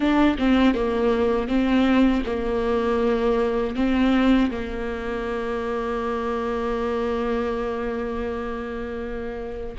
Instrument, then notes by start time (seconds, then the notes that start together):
viola
0.00 D4
0.38 C4
0.74 A#3
1.48 C4
2.26 A#3
3.75 C4
4.50 A#3